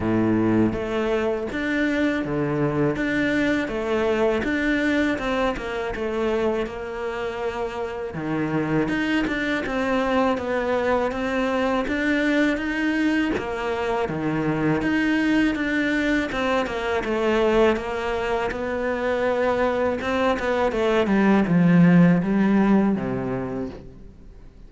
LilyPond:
\new Staff \with { instrumentName = "cello" } { \time 4/4 \tempo 4 = 81 a,4 a4 d'4 d4 | d'4 a4 d'4 c'8 ais8 | a4 ais2 dis4 | dis'8 d'8 c'4 b4 c'4 |
d'4 dis'4 ais4 dis4 | dis'4 d'4 c'8 ais8 a4 | ais4 b2 c'8 b8 | a8 g8 f4 g4 c4 | }